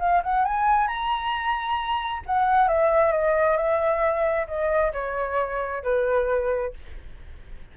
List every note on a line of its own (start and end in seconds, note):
0.00 0.23 F5
0.24 0.45 F#5
0.45 0.88 G#5
0.88 2.23 A#5
2.26 2.68 F#5
2.68 3.12 E5
3.12 3.57 D#5
3.57 4.47 E5
4.48 4.93 D#5
4.93 5.83 C#5
5.84 6.74 B4